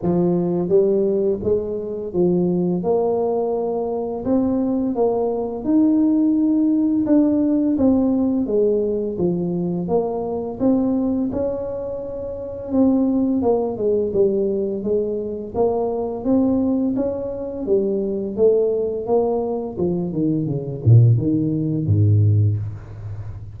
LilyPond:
\new Staff \with { instrumentName = "tuba" } { \time 4/4 \tempo 4 = 85 f4 g4 gis4 f4 | ais2 c'4 ais4 | dis'2 d'4 c'4 | gis4 f4 ais4 c'4 |
cis'2 c'4 ais8 gis8 | g4 gis4 ais4 c'4 | cis'4 g4 a4 ais4 | f8 dis8 cis8 ais,8 dis4 gis,4 | }